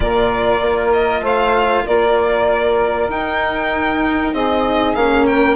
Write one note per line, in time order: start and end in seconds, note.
0.00 0.60 A#2
0.00 3.09 F4
0.00 1.22 A#4
0.00 0.91 D5
0.61 1.20 A#3
0.93 1.23 D#5
1.20 1.82 A3
1.20 1.84 C5
1.20 1.86 F5
1.86 3.09 A#3
1.86 4.34 A#4
1.86 3.10 D5
3.09 4.32 D#4
3.09 4.95 D#4
3.09 4.33 G5
4.33 4.94 C4
4.33 5.26 G#4
4.33 4.95 D#5
4.95 5.56 A#3
4.95 5.56 C#4
4.95 5.26 F5
5.26 5.56 A#4
5.26 5.56 G5